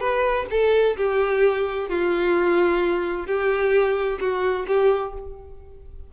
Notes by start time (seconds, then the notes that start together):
0.00 B4
0.51 A4
0.97 G4
1.89 F4
3.26 G4
4.20 F#4
4.67 G4